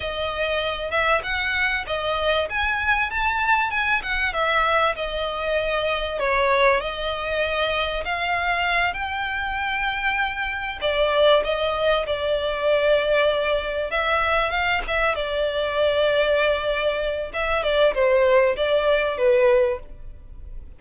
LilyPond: \new Staff \with { instrumentName = "violin" } { \time 4/4 \tempo 4 = 97 dis''4. e''8 fis''4 dis''4 | gis''4 a''4 gis''8 fis''8 e''4 | dis''2 cis''4 dis''4~ | dis''4 f''4. g''4.~ |
g''4. d''4 dis''4 d''8~ | d''2~ d''8 e''4 f''8 | e''8 d''2.~ d''8 | e''8 d''8 c''4 d''4 b'4 | }